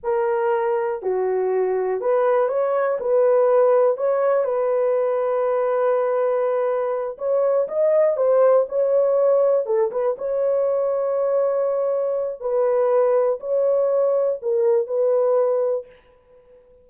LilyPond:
\new Staff \with { instrumentName = "horn" } { \time 4/4 \tempo 4 = 121 ais'2 fis'2 | b'4 cis''4 b'2 | cis''4 b'2.~ | b'2~ b'8 cis''4 dis''8~ |
dis''8 c''4 cis''2 a'8 | b'8 cis''2.~ cis''8~ | cis''4 b'2 cis''4~ | cis''4 ais'4 b'2 | }